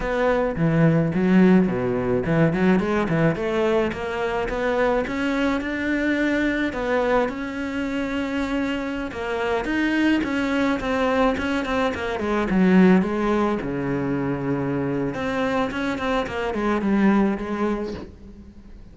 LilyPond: \new Staff \with { instrumentName = "cello" } { \time 4/4 \tempo 4 = 107 b4 e4 fis4 b,4 | e8 fis8 gis8 e8 a4 ais4 | b4 cis'4 d'2 | b4 cis'2.~ |
cis'16 ais4 dis'4 cis'4 c'8.~ | c'16 cis'8 c'8 ais8 gis8 fis4 gis8.~ | gis16 cis2~ cis8. c'4 | cis'8 c'8 ais8 gis8 g4 gis4 | }